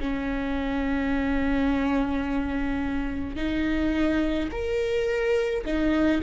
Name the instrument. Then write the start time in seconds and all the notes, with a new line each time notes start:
viola
0.00 C#4
3.36 D#4
4.52 A#4
5.66 D#4